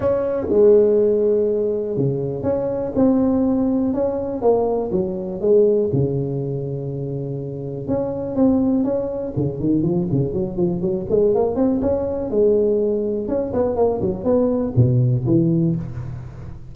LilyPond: \new Staff \with { instrumentName = "tuba" } { \time 4/4 \tempo 4 = 122 cis'4 gis2. | cis4 cis'4 c'2 | cis'4 ais4 fis4 gis4 | cis1 |
cis'4 c'4 cis'4 cis8 dis8 | f8 cis8 fis8 f8 fis8 gis8 ais8 c'8 | cis'4 gis2 cis'8 b8 | ais8 fis8 b4 b,4 e4 | }